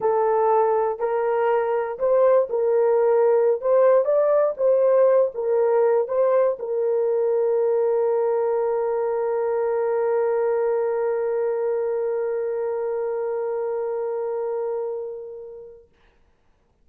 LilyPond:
\new Staff \with { instrumentName = "horn" } { \time 4/4 \tempo 4 = 121 a'2 ais'2 | c''4 ais'2~ ais'16 c''8.~ | c''16 d''4 c''4. ais'4~ ais'16~ | ais'16 c''4 ais'2~ ais'8.~ |
ais'1~ | ais'1~ | ais'1~ | ais'1 | }